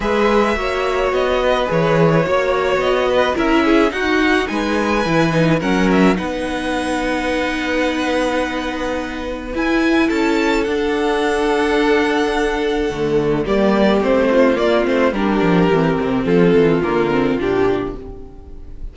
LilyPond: <<
  \new Staff \with { instrumentName = "violin" } { \time 4/4 \tempo 4 = 107 e''2 dis''4 cis''4~ | cis''4 dis''4 e''4 fis''4 | gis''2 fis''8 e''8 fis''4~ | fis''1~ |
fis''4 gis''4 a''4 fis''4~ | fis''1 | d''4 c''4 d''8 c''8 ais'4~ | ais'4 a'4 ais'4 g'4 | }
  \new Staff \with { instrumentName = "violin" } { \time 4/4 b'4 cis''4. b'4. | cis''4. b'8 ais'8 gis'8 fis'4 | b'2 ais'4 b'4~ | b'1~ |
b'2 a'2~ | a'1 | g'4. f'4. g'4~ | g'4 f'2. | }
  \new Staff \with { instrumentName = "viola" } { \time 4/4 gis'4 fis'2 gis'4 | fis'2 e'4 dis'4~ | dis'4 e'8 dis'8 cis'4 dis'4~ | dis'1~ |
dis'4 e'2 d'4~ | d'2. a4 | ais4 c'4 ais8 c'8 d'4 | c'2 ais8 c'8 d'4 | }
  \new Staff \with { instrumentName = "cello" } { \time 4/4 gis4 ais4 b4 e4 | ais4 b4 cis'4 dis'4 | gis4 e4 fis4 b4~ | b1~ |
b4 e'4 cis'4 d'4~ | d'2. d4 | g4 a4 ais8 a8 g8 f8 | e8 c8 f8 e8 d4 ais,4 | }
>>